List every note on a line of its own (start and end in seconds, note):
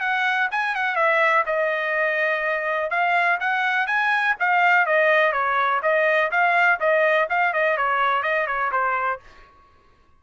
0.00 0.48 F#5
0.51 0.75 G#5
0.75 0.96 F#5
0.96 1.44 E5
1.46 2.90 D#5
2.90 3.39 F5
3.40 3.87 F#5
3.87 4.35 G#5
4.39 4.86 F5
4.86 5.32 D#5
5.32 5.81 C#5
5.82 6.31 D#5
6.31 6.79 F5
6.80 7.28 D#5
7.29 7.53 F5
7.53 7.77 D#5
7.77 8.23 C#5
8.23 8.47 D#5
8.47 8.71 C#5
8.71 9.20 C5